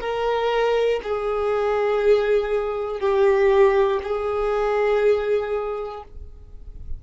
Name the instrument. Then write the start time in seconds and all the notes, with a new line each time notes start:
violin
0.00 A#4
1.03 G#4
3.00 G4
4.03 G#4